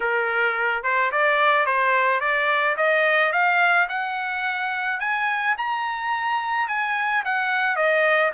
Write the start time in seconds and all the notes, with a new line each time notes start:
0.00 A#4
0.83 C5
1.11 D5
1.66 C5
2.20 D5
2.77 D#5
3.32 F5
3.88 F#5
5.00 G#5
5.57 A#5
6.68 G#5
7.24 F#5
7.76 D#5